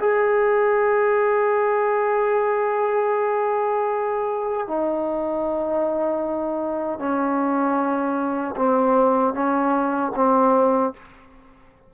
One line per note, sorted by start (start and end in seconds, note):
0.00 4.67 G#4
4.67 6.99 D#4
6.99 8.55 C#4
8.56 9.34 C4
9.34 10.12 C#4
10.15 10.93 C4